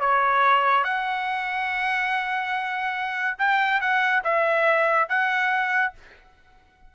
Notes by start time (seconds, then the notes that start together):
0.00 C#5
0.84 F#5
3.38 G5
3.80 F#5
4.24 E5
5.09 F#5